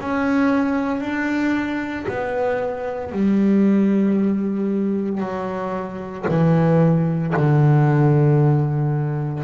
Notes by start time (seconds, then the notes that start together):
0.00 C#4
1.00 D4
2.08 B3
3.11 G3
5.20 F#3
6.28 E3
7.36 D3